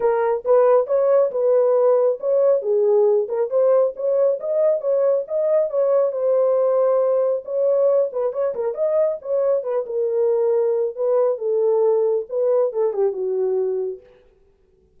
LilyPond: \new Staff \with { instrumentName = "horn" } { \time 4/4 \tempo 4 = 137 ais'4 b'4 cis''4 b'4~ | b'4 cis''4 gis'4. ais'8 | c''4 cis''4 dis''4 cis''4 | dis''4 cis''4 c''2~ |
c''4 cis''4. b'8 cis''8 ais'8 | dis''4 cis''4 b'8 ais'4.~ | ais'4 b'4 a'2 | b'4 a'8 g'8 fis'2 | }